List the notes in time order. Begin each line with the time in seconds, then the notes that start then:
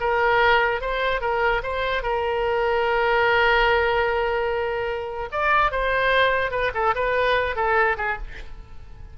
0.00 A#4
0.81 C5
1.21 A#4
1.63 C5
2.02 A#4
5.32 D5
5.71 C5
6.51 B4
6.74 A4
6.95 B4
7.55 A4
7.97 G#4